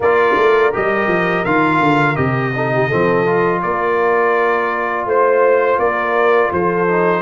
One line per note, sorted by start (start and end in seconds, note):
0.00 0.35 A#3
0.00 0.72 F4
0.00 2.53 A#4
0.00 0.73 D5
0.36 0.72 A3
0.72 1.07 G3
0.72 1.45 G4
0.72 1.45 D#5
1.07 1.43 F3
1.45 1.80 D#3
1.45 2.15 F4
1.45 2.16 F5
1.80 2.16 D3
2.15 2.89 C3
2.15 2.52 G4
2.15 3.60 D#5
2.55 2.90 D#4
2.55 2.73 A4
2.73 2.87 G4
2.87 3.63 F3
2.87 3.26 C4
2.87 3.60 A4
3.26 6.87 F4
3.61 5.05 A#3
3.61 5.06 A#4
3.61 5.06 D5
5.05 5.78 A3
5.05 5.78 C5
5.05 5.79 C5
5.78 6.51 A#3
5.78 6.50 A#4
5.78 6.51 D5
6.52 7.21 F3
6.52 7.21 A4
6.52 7.21 C5
6.87 7.21 D#4